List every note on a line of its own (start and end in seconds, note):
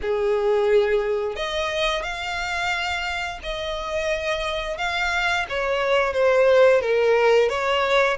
0.01 1.36 G#4
1.36 2.02 D#5
2.02 3.39 F5
3.42 4.77 D#5
4.77 5.45 F5
5.49 6.13 C#5
6.13 6.81 C5
6.81 7.49 A#4
7.49 8.17 C#5